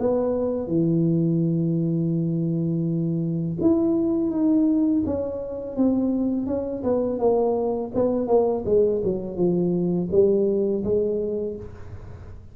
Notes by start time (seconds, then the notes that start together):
0.00 B3
0.68 E3
3.61 E4
4.31 D#4
5.06 C#4
5.76 C4
6.47 C#4
6.84 B3
7.19 A#3
7.95 B3
8.28 A#3
8.66 G#3
9.04 F#3
9.37 F3
10.12 G3
10.84 G#3